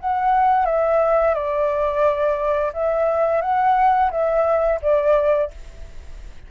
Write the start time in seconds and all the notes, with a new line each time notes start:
0.00 F#5
0.66 E5
1.34 D5
2.73 E5
3.41 F#5
4.11 E5
4.82 D5